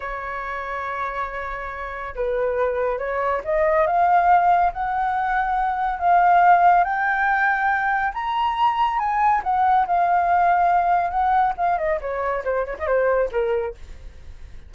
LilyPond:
\new Staff \with { instrumentName = "flute" } { \time 4/4 \tempo 4 = 140 cis''1~ | cis''4 b'2 cis''4 | dis''4 f''2 fis''4~ | fis''2 f''2 |
g''2. ais''4~ | ais''4 gis''4 fis''4 f''4~ | f''2 fis''4 f''8 dis''8 | cis''4 c''8 cis''16 dis''16 c''4 ais'4 | }